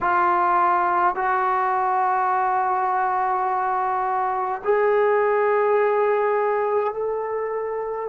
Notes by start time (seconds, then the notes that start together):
0.00 F4
1.15 F#4
4.64 G#4
6.93 A4